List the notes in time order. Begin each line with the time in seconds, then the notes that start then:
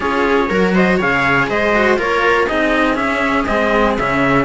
0.00 C#4 F4 G#4 C#5
0.49 F#3 F#4 A#4
0.74 C5 D#5
0.97 C#3 G#4 C#5 F5
1.49 G#3 C5 D#5
1.75 F#4
1.97 A#3 F4 A#4 C#5
2.47 C4 D#4 G#4 D#5
2.94 C#4 E5
3.46 G#3 C4 D#5
3.97 C#3 C#4 E5